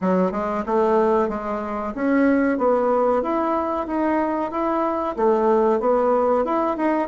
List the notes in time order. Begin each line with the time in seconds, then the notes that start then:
0.01 F#3
0.31 G#3
0.66 A3
1.28 G#3
1.94 C#4
2.57 B3
3.22 E4
3.86 D#4
4.51 E4
5.16 A3
5.80 B3
6.44 E4
6.77 D#4